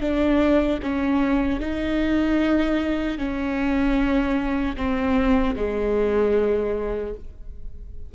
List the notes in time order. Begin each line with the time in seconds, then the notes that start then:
0.00 D4
0.82 C#4
1.60 D#4
3.18 C#4
4.76 C4
5.56 G#3